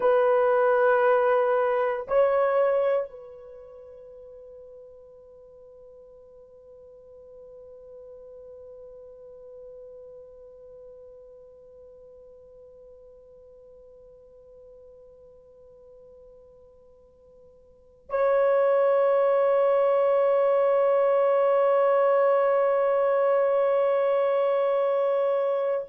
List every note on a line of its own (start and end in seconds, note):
0.00 2.06 B4
2.07 3.09 C#5
3.09 18.09 B4
18.09 25.85 C#5